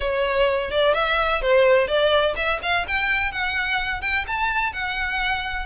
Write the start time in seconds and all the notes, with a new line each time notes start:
0.00 C#5
0.70 D5
0.94 E5
1.41 C5
1.87 D5
2.36 E5
2.62 F5
2.87 G5
3.31 F#5
4.01 G5
4.27 A5
4.72 F#5